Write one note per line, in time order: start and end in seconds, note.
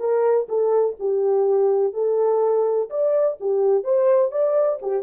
0.00 0.48 A#4
0.49 0.97 A4
1.00 1.94 G4
1.94 2.90 A4
2.90 3.38 D5
3.41 3.84 G4
3.84 4.32 C5
4.32 4.80 D5
4.82 5.04 G4